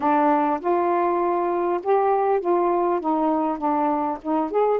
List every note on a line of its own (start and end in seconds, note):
0.00 0.60 D4
0.60 1.80 F4
1.83 2.40 G4
2.40 3.00 F4
3.00 3.58 D#4
3.58 4.18 D4
4.22 4.50 D#4
4.50 4.80 G#4